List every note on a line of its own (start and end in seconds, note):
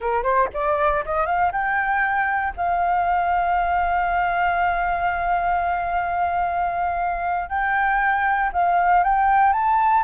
0.00 0.23 A#4
0.23 0.48 C5
0.53 1.04 D5
1.05 1.26 D#5
1.26 1.51 F5
1.52 2.53 G5
2.56 7.49 F5
7.49 8.50 G5
8.52 9.03 F5
9.03 9.52 G5
9.52 10.03 A5